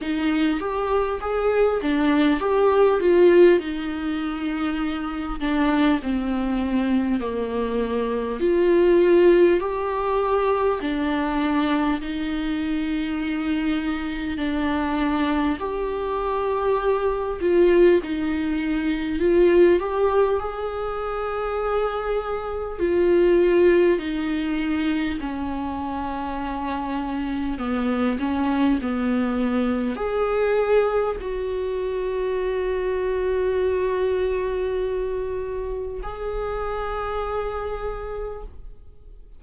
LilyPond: \new Staff \with { instrumentName = "viola" } { \time 4/4 \tempo 4 = 50 dis'8 g'8 gis'8 d'8 g'8 f'8 dis'4~ | dis'8 d'8 c'4 ais4 f'4 | g'4 d'4 dis'2 | d'4 g'4. f'8 dis'4 |
f'8 g'8 gis'2 f'4 | dis'4 cis'2 b8 cis'8 | b4 gis'4 fis'2~ | fis'2 gis'2 | }